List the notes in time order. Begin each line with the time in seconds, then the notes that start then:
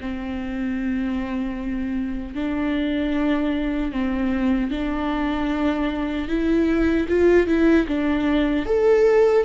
0.00 C4
2.34 D4
3.92 C4
4.70 D4
6.28 E4
7.08 F4
7.46 E4
7.87 D4
8.66 A4